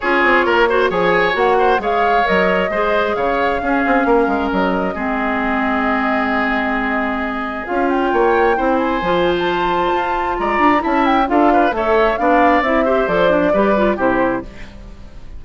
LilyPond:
<<
  \new Staff \with { instrumentName = "flute" } { \time 4/4 \tempo 4 = 133 cis''2 gis''4 fis''4 | f''4 dis''2 f''4~ | f''2 dis''2~ | dis''1~ |
dis''4 f''8 g''2 gis''8~ | gis''8. a''2~ a''16 ais''4 | a''8 g''8 f''4 e''4 f''4 | e''4 d''2 c''4 | }
  \new Staff \with { instrumentName = "oboe" } { \time 4/4 gis'4 ais'8 c''8 cis''4. c''8 | cis''2 c''4 cis''4 | gis'4 ais'2 gis'4~ | gis'1~ |
gis'2 cis''4 c''4~ | c''2. d''4 | e''4 a'8 b'8 cis''4 d''4~ | d''8 c''4. b'4 g'4 | }
  \new Staff \with { instrumentName = "clarinet" } { \time 4/4 f'4. fis'8 gis'4 fis'4 | gis'4 ais'4 gis'2 | cis'2. c'4~ | c'1~ |
c'4 f'2 e'4 | f'1 | e'4 f'4 a'4 d'4 | e'8 g'8 a'8 d'8 g'8 f'8 e'4 | }
  \new Staff \with { instrumentName = "bassoon" } { \time 4/4 cis'8 c'8 ais4 f4 ais4 | gis4 fis4 gis4 cis4 | cis'8 c'8 ais8 gis8 fis4 gis4~ | gis1~ |
gis4 cis'4 ais4 c'4 | f2 f'4 gis8 d'8 | cis'4 d'4 a4 b4 | c'4 f4 g4 c4 | }
>>